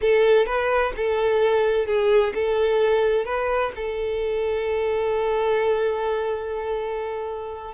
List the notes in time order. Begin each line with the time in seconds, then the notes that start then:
0.01 A4
0.45 B4
0.96 A4
1.86 G#4
2.34 A4
3.25 B4
3.75 A4